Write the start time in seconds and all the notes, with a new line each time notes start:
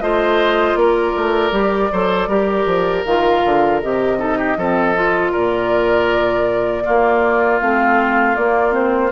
0.00 A3 F4 C5 D#5
0.75 A#3 A#4 D5
1.16 A3
1.51 G3 G4
1.92 F#3 A4 C5
2.27 G3 G4 A#4
2.65 F3
3.05 D#3 F4 F5
3.45 D3
3.81 C3 G4 D#5
4.18 D#4 A4
4.37 G4
4.56 F3 C4 A4
4.95 F4
5.31 A#2 A#4 D5
6.84 A#3 F4
7.60 A3 C4 F5
8.35 A#3 D5
8.71 C4 C5